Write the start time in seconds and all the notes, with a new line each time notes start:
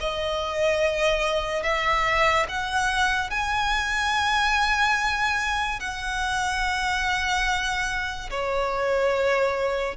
0.00 D#5
1.63 E5
2.49 F#5
3.30 G#5
5.80 F#5
8.30 C#5